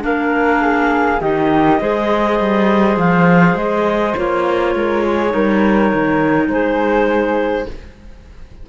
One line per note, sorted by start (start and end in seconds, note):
0.00 1.21 A#3
0.00 1.18 D4
0.00 0.62 A#4
0.00 1.20 F5
0.62 1.20 G#4
1.20 1.79 D#3
1.20 1.80 D#4
1.20 1.80 G4
1.20 2.97 D#5
1.80 2.39 G#3
1.80 4.16 G#4
1.80 4.75 C5
2.39 2.97 G3
2.97 3.55 F3
2.97 3.56 F5
3.55 4.14 G#3
3.55 4.15 D#5
4.16 4.75 A#3
4.16 5.29 F4
4.16 6.49 C#5
4.75 5.34 G#3
4.75 5.02 A#4
5.02 5.32 G#4
5.29 5.93 G3
5.29 7.64 D#4
5.29 6.51 A#4
5.94 6.48 D#3
6.48 7.66 G#3
6.48 7.69 G#4
6.48 7.67 C5